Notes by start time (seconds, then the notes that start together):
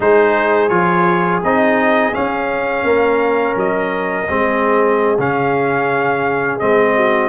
0.00 G#3 D#4 G#4 C5
0.68 F3 F4 C#5
1.43 C4 D#4 D#5
2.12 C#4 F5
2.83 A#3 A#4
3.56 F#3 D#5
4.28 G#3 C4 G#4
5.18 C#3 C#4 F5
6.59 G#3 C4 D#5
6.95 F#4